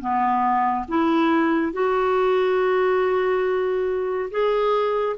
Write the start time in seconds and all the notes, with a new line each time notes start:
0.00 B3
0.88 E4
1.73 F#4
4.31 G#4